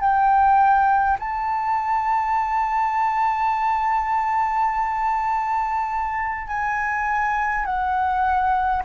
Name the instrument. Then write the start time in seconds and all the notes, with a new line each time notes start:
flute
0.00 G5
1.19 A5
6.48 G#5
7.65 F#5